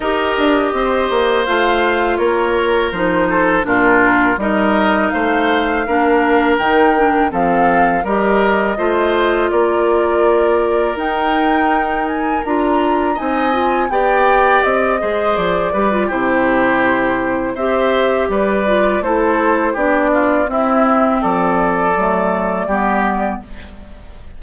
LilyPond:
<<
  \new Staff \with { instrumentName = "flute" } { \time 4/4 \tempo 4 = 82 dis''2 f''4 cis''4 | c''4 ais'4 dis''4 f''4~ | f''4 g''4 f''4 dis''4~ | dis''4 d''2 g''4~ |
g''8 gis''8 ais''4 gis''4 g''4 | dis''4 d''4 c''2 | e''4 d''4 c''4 d''4 | e''4 d''2. | }
  \new Staff \with { instrumentName = "oboe" } { \time 4/4 ais'4 c''2 ais'4~ | ais'8 a'8 f'4 ais'4 c''4 | ais'2 a'4 ais'4 | c''4 ais'2.~ |
ais'2 dis''4 d''4~ | d''8 c''4 b'8 g'2 | c''4 b'4 a'4 g'8 f'8 | e'4 a'2 g'4 | }
  \new Staff \with { instrumentName = "clarinet" } { \time 4/4 g'2 f'2 | dis'4 d'4 dis'2 | d'4 dis'8 d'8 c'4 g'4 | f'2. dis'4~ |
dis'4 f'4 dis'8 f'8 g'4~ | g'8 gis'4 g'16 f'16 e'2 | g'4. f'8 e'4 d'4 | c'2 a4 b4 | }
  \new Staff \with { instrumentName = "bassoon" } { \time 4/4 dis'8 d'8 c'8 ais8 a4 ais4 | f4 ais,4 g4 a4 | ais4 dis4 f4 g4 | a4 ais2 dis'4~ |
dis'4 d'4 c'4 b4 | c'8 gis8 f8 g8 c2 | c'4 g4 a4 b4 | c'4 f4 fis4 g4 | }
>>